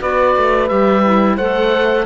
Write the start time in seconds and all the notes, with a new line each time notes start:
0.00 B3 F#4 B4 D5
0.37 A3
0.68 G3 G4 E5
1.05 E4
1.37 A3 A4 C5 F#5